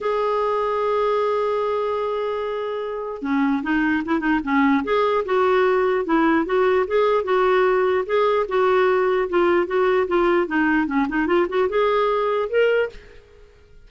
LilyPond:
\new Staff \with { instrumentName = "clarinet" } { \time 4/4 \tempo 4 = 149 gis'1~ | gis'1 | cis'4 dis'4 e'8 dis'8 cis'4 | gis'4 fis'2 e'4 |
fis'4 gis'4 fis'2 | gis'4 fis'2 f'4 | fis'4 f'4 dis'4 cis'8 dis'8 | f'8 fis'8 gis'2 ais'4 | }